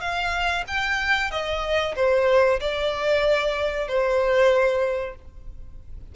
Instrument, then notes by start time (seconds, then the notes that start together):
violin
0.00 F5
0.67 G5
1.31 D#5
1.96 C5
2.60 D5
3.88 C5